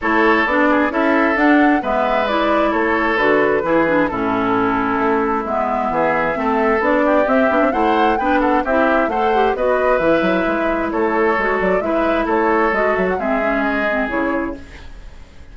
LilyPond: <<
  \new Staff \with { instrumentName = "flute" } { \time 4/4 \tempo 4 = 132 cis''4 d''4 e''4 fis''4 | e''4 d''4 cis''4 b'4~ | b'4 a'2. | e''2. d''4 |
e''4 fis''4 g''8 fis''8 e''4 | fis''4 dis''4 e''2 | cis''4. d''8 e''4 cis''4 | dis''8 e''16 fis''16 e''4 dis''4 cis''4 | }
  \new Staff \with { instrumentName = "oboe" } { \time 4/4 a'4. gis'8 a'2 | b'2 a'2 | gis'4 e'2.~ | e'4 gis'4 a'4. g'8~ |
g'4 c''4 b'8 a'8 g'4 | c''4 b'2. | a'2 b'4 a'4~ | a'4 gis'2. | }
  \new Staff \with { instrumentName = "clarinet" } { \time 4/4 e'4 d'4 e'4 d'4 | b4 e'2 fis'4 | e'8 d'8 cis'2. | b2 c'4 d'4 |
c'8 d'8 e'4 d'4 e'4 | a'8 g'8 fis'4 e'2~ | e'4 fis'4 e'2 | fis'4 c'8 cis'4 c'8 e'4 | }
  \new Staff \with { instrumentName = "bassoon" } { \time 4/4 a4 b4 cis'4 d'4 | gis2 a4 d4 | e4 a,2 a4 | gis4 e4 a4 b4 |
c'8 b16 c'16 a4 b4 c'4 | a4 b4 e8 fis8 gis4 | a4 gis8 fis8 gis4 a4 | gis8 fis8 gis2 cis4 | }
>>